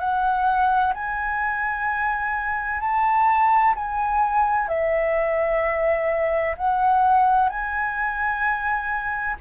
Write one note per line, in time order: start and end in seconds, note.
0.00 0.94 F#5
0.95 2.81 G#5
2.81 3.75 A5
3.76 4.68 G#5
4.68 6.56 E5
6.58 7.50 F#5
7.50 9.37 G#5